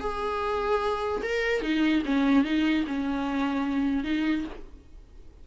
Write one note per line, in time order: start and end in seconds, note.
0.00 1.22 G#4
1.23 1.62 A#4
1.62 2.03 D#4
2.05 2.44 C#4
2.44 2.85 D#4
2.87 4.04 C#4
4.04 4.44 D#4